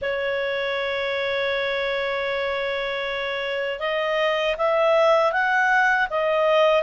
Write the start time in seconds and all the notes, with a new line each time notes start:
0.01 C#5
3.79 D#5
4.57 E5
5.32 F#5
6.10 D#5